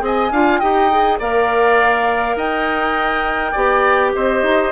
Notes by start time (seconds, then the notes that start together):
0.00 C4 G#4 D#5
0.07 G#5
0.31 D4 F4 F5
0.60 D#4 G4 D#5 G5
0.91 G#4
1.19 A#3 A#4 D5 F5
2.36 D#4 D#5 G5
3.52 B3 G4 D5
4.15 C4 C5 D#5
4.43 D#4